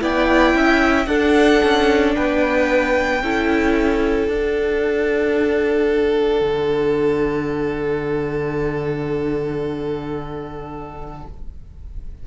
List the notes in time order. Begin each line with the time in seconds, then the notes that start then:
0.00 B3 E4 D5 G5
0.54 C#4 E5
1.06 D4 A4 F#5
1.63 C#4
2.15 B3 B4 G5
3.22 C#4 E4 A4
4.28 D4 F#5
6.41 D3